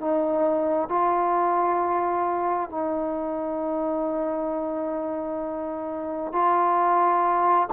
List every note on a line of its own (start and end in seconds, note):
0.00 0.89 D#4
0.89 2.69 F4
2.69 6.32 D#4
6.32 7.68 F4